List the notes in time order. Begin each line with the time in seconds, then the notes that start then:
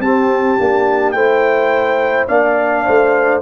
0.00 C4 G4 A5
0.59 A#3 D4
1.12 A3 E4 C5 G5
2.28 A#3 D4 D5 F5
2.86 A3 C5